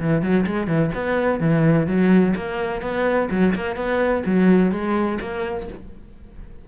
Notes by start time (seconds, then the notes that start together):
0.00 E3
0.22 F#3
0.46 G#3
0.67 E3
0.94 B3
1.40 E3
1.87 F#3
2.36 A#3
2.82 B3
3.31 F#3
3.55 A#3
3.76 B3
4.26 F#3
4.72 G#3
5.21 A#3